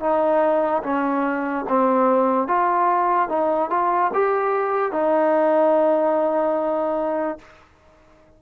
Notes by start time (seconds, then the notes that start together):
0.00 D#4
0.83 C#4
1.68 C4
2.47 F4
3.29 D#4
3.70 F4
4.14 G4
4.92 D#4